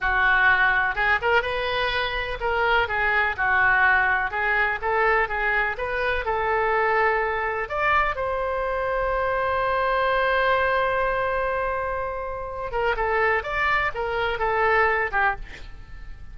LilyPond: \new Staff \with { instrumentName = "oboe" } { \time 4/4 \tempo 4 = 125 fis'2 gis'8 ais'8 b'4~ | b'4 ais'4 gis'4 fis'4~ | fis'4 gis'4 a'4 gis'4 | b'4 a'2. |
d''4 c''2.~ | c''1~ | c''2~ c''8 ais'8 a'4 | d''4 ais'4 a'4. g'8 | }